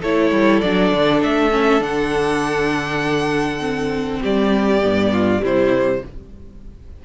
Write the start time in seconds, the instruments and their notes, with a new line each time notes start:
0.00 cello A3, viola E4, violin A4 C#5
0.31 cello G3
0.60 cello F#3, viola D4, violin D5
0.92 cello D3
1.23 cello A3, violin E5
1.51 viola C#4
1.79 cello D3, viola D4, violin F#5
3.60 viola C4
4.21 cello G3, violin G4 D5
4.83 cello G2, viola B3
5.12 violin F4
5.39 cello C3, viola G3, violin E4 C5